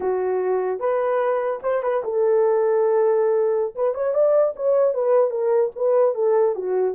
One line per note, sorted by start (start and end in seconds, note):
0.00 0.79 F#4
0.79 1.60 B4
1.62 1.82 C5
1.82 2.02 B4
2.03 3.74 A4
3.75 3.94 B4
3.94 4.13 C#5
4.13 4.54 D5
4.56 4.93 C#5
4.93 5.30 B4
5.30 5.71 A#4
5.75 6.14 B4
6.14 6.55 A4
6.55 6.94 F#4